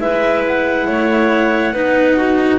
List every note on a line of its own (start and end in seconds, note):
0.00 0.87 G#3
0.00 1.74 E4
0.00 0.88 B4
0.00 0.43 E5
0.47 2.60 F#5
0.87 1.72 A3
0.87 1.74 C#5
1.72 2.59 B3
1.72 2.60 D#4
1.72 2.18 B4
2.18 2.60 F#4